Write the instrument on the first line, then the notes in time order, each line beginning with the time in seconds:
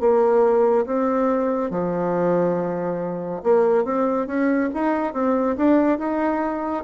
bassoon
0.00 A#3
0.86 C4
1.71 F3
3.43 A#3
3.84 C4
4.27 C#4
4.74 D#4
5.14 C4
5.57 D4
5.98 D#4